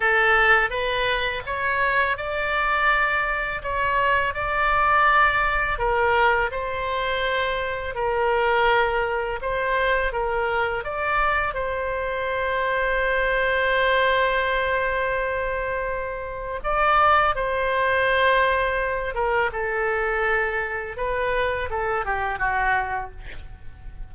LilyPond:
\new Staff \with { instrumentName = "oboe" } { \time 4/4 \tempo 4 = 83 a'4 b'4 cis''4 d''4~ | d''4 cis''4 d''2 | ais'4 c''2 ais'4~ | ais'4 c''4 ais'4 d''4 |
c''1~ | c''2. d''4 | c''2~ c''8 ais'8 a'4~ | a'4 b'4 a'8 g'8 fis'4 | }